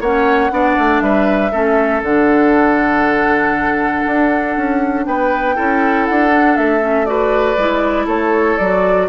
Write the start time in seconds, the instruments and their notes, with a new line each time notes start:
0.00 bassoon A#3, clarinet C#4, oboe C#5, flute F#5
0.50 bassoon B3, clarinet D4, oboe D5
0.78 bassoon A3
1.01 bassoon G3, oboe B4, flute E5
1.51 bassoon A3, clarinet C#4, oboe A4
2.02 bassoon D3, clarinet D4, flute F#5
4.07 bassoon D4
4.56 bassoon C#4
5.06 bassoon B3, oboe B4, flute G5
5.55 bassoon C#4, clarinet E4, oboe A4
6.06 bassoon D4, flute F#5
6.30 clarinet D4
6.56 bassoon A3, flute E5
6.80 clarinet C#4
7.05 clarinet F#4, oboe B4, flute D5
7.57 bassoon G#3, clarinet E4
8.06 bassoon A3, oboe A4, flute C#5
8.58 bassoon F#3, clarinet F#4, flute D5